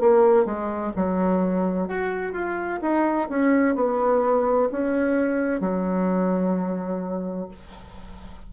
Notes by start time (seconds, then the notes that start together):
0.00 A#3
0.45 G#3
0.96 F#3
1.88 F#4
2.33 F4
2.82 D#4
3.29 C#4
3.75 B3
4.72 C#4
5.61 F#3